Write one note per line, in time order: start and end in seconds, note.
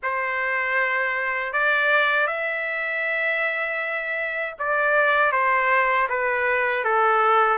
0.02 1.53 C5
1.53 2.27 D5
2.27 4.55 E5
4.58 5.32 D5
5.32 6.08 C5
6.09 6.84 B4
6.84 7.57 A4